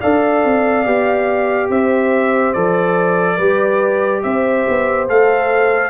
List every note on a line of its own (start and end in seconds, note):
0.00 0.45 D4
0.00 0.86 A4
0.00 1.69 D5
0.00 1.70 F5
0.45 0.86 C4
0.86 1.70 B3
0.86 2.55 G4
1.70 2.55 C4
1.70 3.36 C5
1.70 2.54 E5
2.54 3.39 F3
2.54 3.40 A4
2.54 4.23 D5
3.36 4.23 G3
3.36 5.09 G4
3.36 4.21 B4
4.23 4.67 C4
4.23 5.91 C5
4.23 5.08 E5
4.69 5.09 B3
5.09 5.91 A3
5.09 5.91 A4
5.09 5.91 F5